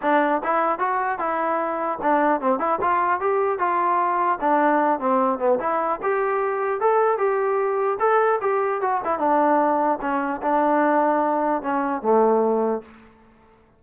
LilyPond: \new Staff \with { instrumentName = "trombone" } { \time 4/4 \tempo 4 = 150 d'4 e'4 fis'4 e'4~ | e'4 d'4 c'8 e'8 f'4 | g'4 f'2 d'4~ | d'8 c'4 b8 e'4 g'4~ |
g'4 a'4 g'2 | a'4 g'4 fis'8 e'8 d'4~ | d'4 cis'4 d'2~ | d'4 cis'4 a2 | }